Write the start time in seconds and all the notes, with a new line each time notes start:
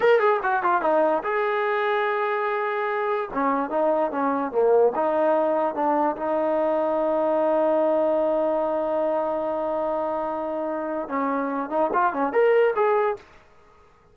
0.00 A#4
0.19 G#4
0.42 F#4
0.62 F4
0.81 D#4
1.23 G#4
3.33 C#4
3.70 D#4
4.11 C#4
4.51 A#3
4.95 D#4
5.75 D4
6.16 D#4
11.08 C#4
11.69 D#4
11.93 F4
12.13 C#4
12.33 A#4
12.75 G#4